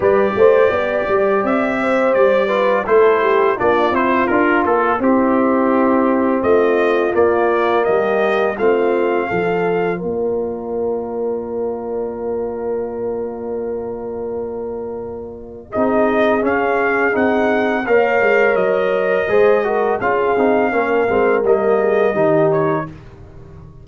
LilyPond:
<<
  \new Staff \with { instrumentName = "trumpet" } { \time 4/4 \tempo 4 = 84 d''2 e''4 d''4 | c''4 d''8 c''8 ais'8 a'8 g'4~ | g'4 dis''4 d''4 dis''4 | f''2 d''2~ |
d''1~ | d''2 dis''4 f''4 | fis''4 f''4 dis''2 | f''2 dis''4. cis''8 | }
  \new Staff \with { instrumentName = "horn" } { \time 4/4 b'8 c''8 d''4. c''4 b'8 | a'8 g'8 f'2 e'4~ | e'4 f'2 g'4 | f'4 a'4 ais'2~ |
ais'1~ | ais'2 gis'2~ | gis'4 cis''2 c''8 ais'8 | gis'4 ais'4. gis'8 g'4 | }
  \new Staff \with { instrumentName = "trombone" } { \time 4/4 g'2.~ g'8 f'8 | e'4 d'8 e'8 f'4 c'4~ | c'2 ais2 | c'4 f'2.~ |
f'1~ | f'2 dis'4 cis'4 | dis'4 ais'2 gis'8 fis'8 | f'8 dis'8 cis'8 c'8 ais4 dis'4 | }
  \new Staff \with { instrumentName = "tuba" } { \time 4/4 g8 a8 b8 g8 c'4 g4 | a4 ais8 c'8 d'8 ais8 c'4~ | c'4 a4 ais4 g4 | a4 f4 ais2~ |
ais1~ | ais2 c'4 cis'4 | c'4 ais8 gis8 fis4 gis4 | cis'8 c'8 ais8 gis8 g4 dis4 | }
>>